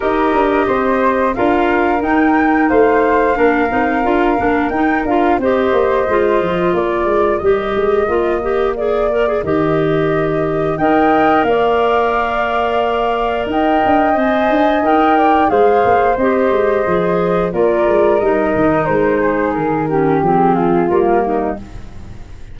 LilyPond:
<<
  \new Staff \with { instrumentName = "flute" } { \time 4/4 \tempo 4 = 89 dis''2 f''4 g''4 | f''2. g''8 f''8 | dis''2 d''4 dis''4~ | dis''4 d''4 dis''2 |
g''4 f''2. | g''4 gis''4 g''4 f''4 | dis''2 d''4 dis''4 | c''4 ais'4 gis'4 ais'4 | }
  \new Staff \with { instrumentName = "flute" } { \time 4/4 ais'4 c''4 ais'2 | c''4 ais'2. | c''2 ais'2~ | ais'1 |
dis''4 d''2. | dis''2~ dis''8 d''8 c''4~ | c''2 ais'2~ | ais'8 gis'4 g'4 f'4 dis'8 | }
  \new Staff \with { instrumentName = "clarinet" } { \time 4/4 g'2 f'4 dis'4~ | dis'4 d'8 dis'8 f'8 d'8 dis'8 f'8 | g'4 f'2 g'4 | f'8 g'8 gis'8 ais'16 gis'16 g'2 |
ais'1~ | ais'4 c''4 ais'4 gis'4 | g'4 gis'4 f'4 dis'4~ | dis'4. cis'8 c'4 ais4 | }
  \new Staff \with { instrumentName = "tuba" } { \time 4/4 dis'8 d'8 c'4 d'4 dis'4 | a4 ais8 c'8 d'8 ais8 dis'8 d'8 | c'8 ais8 gis8 f8 ais8 gis8 g8 gis8 | ais2 dis2 |
dis'4 ais2. | dis'8 d'8 c'8 d'8 dis'4 gis8 ais8 | c'8 gis8 f4 ais8 gis8 g8 dis8 | gis4 dis4 f4 g4 | }
>>